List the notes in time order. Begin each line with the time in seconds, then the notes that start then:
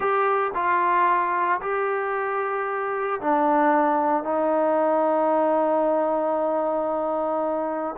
0.00 G4
0.54 F4
1.61 G4
3.21 D4
4.23 D#4